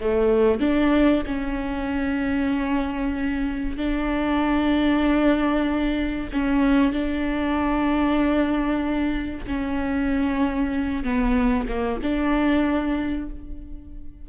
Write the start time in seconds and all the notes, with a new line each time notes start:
0.00 A3
0.60 D4
1.26 C#4
3.77 D4
6.33 C#4
6.93 D4
9.47 C#4
11.04 B3
11.68 A#3
12.03 D4